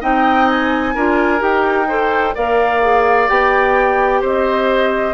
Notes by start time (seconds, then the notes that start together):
0.00 C4 D#4 D#5 G5
0.48 G#5
0.94 D4 F4 A#4
1.38 D#4 G4 G5
1.88 A4 C5
2.35 A#3 A#4 D5 F5
2.81 G#4
3.28 B3 G4 G5
4.20 C4 C5 D#5